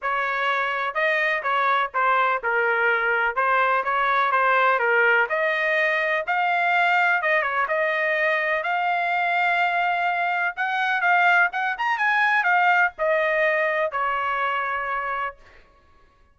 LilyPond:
\new Staff \with { instrumentName = "trumpet" } { \time 4/4 \tempo 4 = 125 cis''2 dis''4 cis''4 | c''4 ais'2 c''4 | cis''4 c''4 ais'4 dis''4~ | dis''4 f''2 dis''8 cis''8 |
dis''2 f''2~ | f''2 fis''4 f''4 | fis''8 ais''8 gis''4 f''4 dis''4~ | dis''4 cis''2. | }